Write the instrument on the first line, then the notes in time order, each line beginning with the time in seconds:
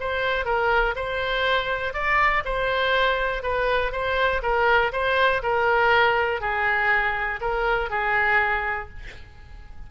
oboe
0.00 C5
0.45 A#4
0.96 C5
1.94 D5
2.45 C5
3.43 B4
3.92 C5
4.43 A#4
4.93 C5
5.43 A#4
6.41 G#4
7.41 A#4
7.90 G#4